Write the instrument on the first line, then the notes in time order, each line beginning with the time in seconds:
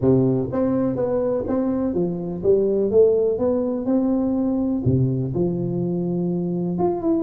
tuba
0.01 C3
0.51 C4
0.96 B3
1.47 C4
1.94 F3
2.43 G3
2.91 A3
3.38 B3
3.85 C4
4.85 C3
5.34 F3
6.78 F4
7.01 E4